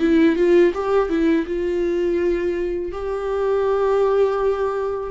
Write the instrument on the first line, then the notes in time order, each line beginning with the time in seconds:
viola
0.00 E4
0.36 F4
0.75 G4
1.09 E4
1.47 F4
2.92 G4